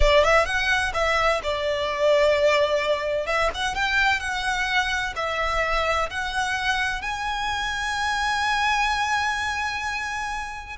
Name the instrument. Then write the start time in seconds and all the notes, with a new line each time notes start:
violin
0.00 D5
0.24 E5
0.45 F#5
0.93 E5
1.43 D5
3.26 E5
3.54 F#5
3.74 G5
4.20 F#5
5.16 E5
6.09 F#5
7.01 G#5